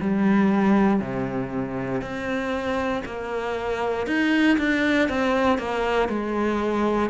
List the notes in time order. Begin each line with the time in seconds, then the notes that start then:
0.00 G3
1.00 C3
2.02 C4
3.05 A#3
4.07 D#4
4.58 D4
5.08 C4
5.58 A#3
6.08 G#3